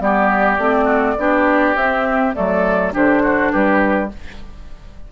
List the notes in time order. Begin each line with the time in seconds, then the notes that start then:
0.00 G3 B3 G4 D5
0.58 A3 C4
0.85 F#4
1.18 B3 D4 G4
1.75 C4 E5
2.34 F#3 A3 A4 D5
2.93 D3 D4 G4 C5
3.23 F#4
3.52 G3 G4 B4